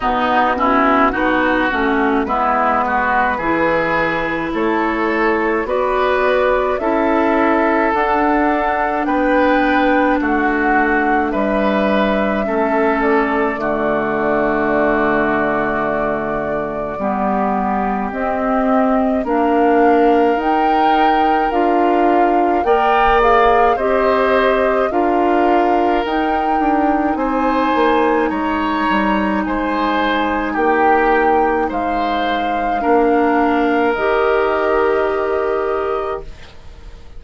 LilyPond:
<<
  \new Staff \with { instrumentName = "flute" } { \time 4/4 \tempo 4 = 53 fis'2 b'2 | cis''4 d''4 e''4 fis''4 | g''4 fis''4 e''4. d''8~ | d''1 |
dis''4 f''4 g''4 f''4 | g''8 f''8 dis''4 f''4 g''4 | gis''4 ais''4 gis''4 g''4 | f''2 dis''2 | }
  \new Staff \with { instrumentName = "oboe" } { \time 4/4 dis'8 e'8 fis'4 e'8 fis'8 gis'4 | a'4 b'4 a'2 | b'4 fis'4 b'4 a'4 | fis'2. g'4~ |
g'4 ais'2. | d''4 c''4 ais'2 | c''4 cis''4 c''4 g'4 | c''4 ais'2. | }
  \new Staff \with { instrumentName = "clarinet" } { \time 4/4 b8 cis'8 dis'8 cis'8 b4 e'4~ | e'4 fis'4 e'4 d'4~ | d'2. cis'4 | a2. b4 |
c'4 d'4 dis'4 f'4 | ais'8 gis'8 g'4 f'4 dis'4~ | dis'1~ | dis'4 d'4 g'2 | }
  \new Staff \with { instrumentName = "bassoon" } { \time 4/4 b,4 b8 a8 gis4 e4 | a4 b4 cis'4 d'4 | b4 a4 g4 a4 | d2. g4 |
c'4 ais4 dis'4 d'4 | ais4 c'4 d'4 dis'8 d'8 | c'8 ais8 gis8 g8 gis4 ais4 | gis4 ais4 dis2 | }
>>